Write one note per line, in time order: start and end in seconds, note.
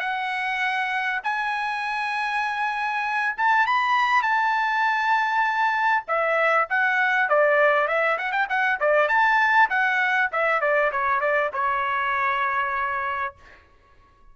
0.00 1.21 F#5
1.24 3.36 G#5
3.38 3.67 A5
3.67 4.23 B5
4.23 6.04 A5
6.08 6.68 E5
6.70 7.29 F#5
7.29 7.88 D5
7.88 8.18 E5
8.18 8.33 F#5
8.33 8.48 G5
8.49 8.80 F#5
8.80 9.09 D5
9.09 9.69 A5
9.70 10.31 F#5
10.33 10.61 E5
10.61 10.91 D5
10.92 11.21 C#5
11.21 11.51 D5
11.54 13.36 C#5